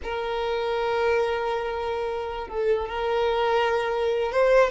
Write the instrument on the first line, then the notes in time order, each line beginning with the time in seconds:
violin
0.03 A#4
2.48 A4
2.88 A#4
4.32 C5